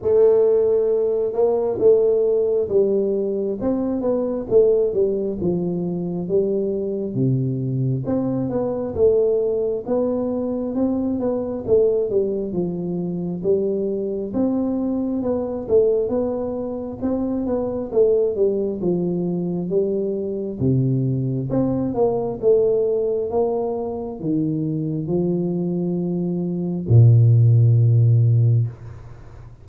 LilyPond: \new Staff \with { instrumentName = "tuba" } { \time 4/4 \tempo 4 = 67 a4. ais8 a4 g4 | c'8 b8 a8 g8 f4 g4 | c4 c'8 b8 a4 b4 | c'8 b8 a8 g8 f4 g4 |
c'4 b8 a8 b4 c'8 b8 | a8 g8 f4 g4 c4 | c'8 ais8 a4 ais4 dis4 | f2 ais,2 | }